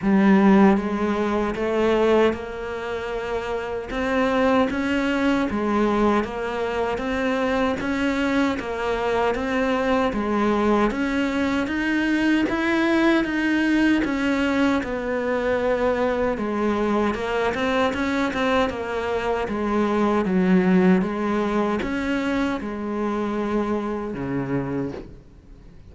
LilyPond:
\new Staff \with { instrumentName = "cello" } { \time 4/4 \tempo 4 = 77 g4 gis4 a4 ais4~ | ais4 c'4 cis'4 gis4 | ais4 c'4 cis'4 ais4 | c'4 gis4 cis'4 dis'4 |
e'4 dis'4 cis'4 b4~ | b4 gis4 ais8 c'8 cis'8 c'8 | ais4 gis4 fis4 gis4 | cis'4 gis2 cis4 | }